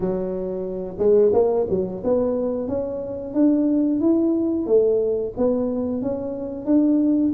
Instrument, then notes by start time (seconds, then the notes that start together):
tuba
0.00 F#3
0.98 G#3
1.33 A#3
1.69 F#3
2.03 B3
2.68 C#4
3.34 D4
4.00 E4
4.66 A3
5.37 B3
6.02 C#4
6.65 D4